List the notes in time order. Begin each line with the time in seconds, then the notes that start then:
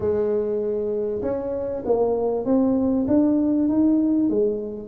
0.00 G#3
1.22 C#4
1.85 A#3
2.45 C4
3.07 D4
3.68 D#4
4.29 G#3